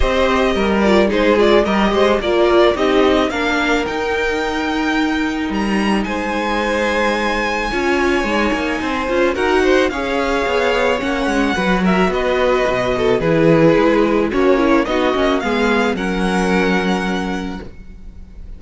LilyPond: <<
  \new Staff \with { instrumentName = "violin" } { \time 4/4 \tempo 4 = 109 dis''4. d''8 c''8 d''8 dis''4 | d''4 dis''4 f''4 g''4~ | g''2 ais''4 gis''4~ | gis''1~ |
gis''4 fis''4 f''2 | fis''4. e''8 dis''2 | b'2 cis''4 dis''4 | f''4 fis''2. | }
  \new Staff \with { instrumentName = "violin" } { \time 4/4 c''4 ais'4 gis'4 ais'8 c''8 | ais'4 g'4 ais'2~ | ais'2. c''4~ | c''2 cis''2 |
c''4 ais'8 c''8 cis''2~ | cis''4 b'8 ais'8 b'4. a'8 | gis'2 cis'4 fis'4 | gis'4 ais'2. | }
  \new Staff \with { instrumentName = "viola" } { \time 4/4 g'4. f'8 dis'8 f'8 g'4 | f'4 dis'4 d'4 dis'4~ | dis'1~ | dis'2 f'4 dis'4~ |
dis'8 f'8 fis'4 gis'2 | cis'4 fis'2. | e'2 fis'8 e'8 dis'8 cis'8 | b4 cis'2. | }
  \new Staff \with { instrumentName = "cello" } { \time 4/4 c'4 g4 gis4 g8 gis8 | ais4 c'4 ais4 dis'4~ | dis'2 g4 gis4~ | gis2 cis'4 gis8 ais8 |
c'8 cis'8 dis'4 cis'4 b4 | ais8 gis8 fis4 b4 b,4 | e4 gis4 ais4 b8 ais8 | gis4 fis2. | }
>>